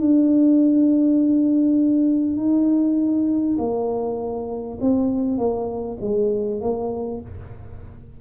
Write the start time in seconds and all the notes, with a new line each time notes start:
0.00 D4
2.37 D#4
3.58 A#3
4.81 C4
5.37 A#3
6.00 G#3
6.60 A#3